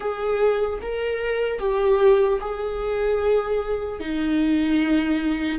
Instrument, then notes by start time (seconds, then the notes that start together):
viola
0.00 G#4
0.81 A#4
1.59 G4
2.40 G#4
4.00 D#4